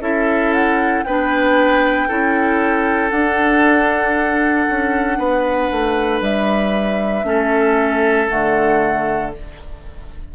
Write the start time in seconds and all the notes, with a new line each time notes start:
0.00 C#4 E4 A4 E5
0.53 F#5
1.04 B3 D4 B4 G5
2.08 C#4 E4 A4
3.10 D4 F#5
4.70 C#4
5.18 B3 B4
5.71 A3
6.21 G3 E5
7.24 A3 C#4 A4
8.28 D3 A3 F#5